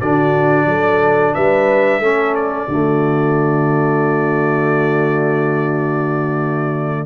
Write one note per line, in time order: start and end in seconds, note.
0.00 0.65 D3
0.00 2.02 D4
0.00 0.67 F#4
0.00 1.34 D5
0.65 1.33 F#3
0.65 1.35 A4
1.34 1.99 G3
1.34 2.01 B4
1.34 2.35 E5
1.99 2.67 A3
1.99 2.70 C#4
1.99 2.69 A4
2.36 7.07 D5
2.69 7.07 D3
2.69 7.07 A3
2.69 7.07 F#4